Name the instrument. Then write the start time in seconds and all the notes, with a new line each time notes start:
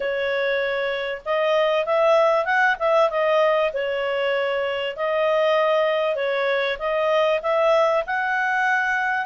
clarinet
0.00 C#5
1.25 D#5
1.85 E5
2.45 F#5
2.79 E5
3.10 D#5
3.73 C#5
4.96 D#5
6.15 C#5
6.78 D#5
7.42 E5
8.06 F#5